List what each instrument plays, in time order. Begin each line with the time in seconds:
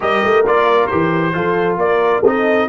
0.00 tuba G3, trombone G4, horn A#4, trumpet D#5
0.24 tuba A3
0.45 tuba A#3, trombone F4, trumpet D5
0.87 tuba E3, trombone G4, trumpet C5
1.33 tuba F3, trombone F4, horn A4
1.77 tuba A#3, horn A#4, trumpet D5
2.23 tuba C4, trombone D#4, horn A4, trumpet D#5